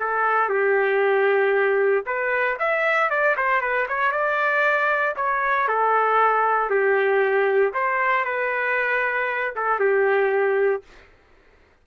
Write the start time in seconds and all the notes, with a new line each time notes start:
0.00 A4
0.50 G4
2.06 B4
2.59 E5
3.10 D5
3.37 C5
3.61 B4
3.88 C#5
4.12 D5
5.16 C#5
5.68 A4
6.70 G4
7.74 C5
8.25 B4
9.56 A4
9.80 G4